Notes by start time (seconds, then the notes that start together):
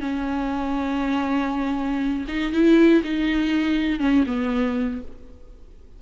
0.00 C#4
2.28 D#4
2.52 E4
3.03 D#4
3.99 C#4
4.26 B3